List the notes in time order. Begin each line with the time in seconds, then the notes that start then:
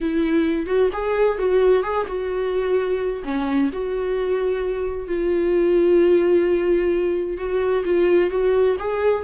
0.01 E4
0.66 F#4
0.92 G#4
1.38 F#4
1.83 G#4
2.07 F#4
3.24 C#4
3.73 F#4
5.07 F4
7.37 F#4
7.84 F4
8.30 F#4
8.79 G#4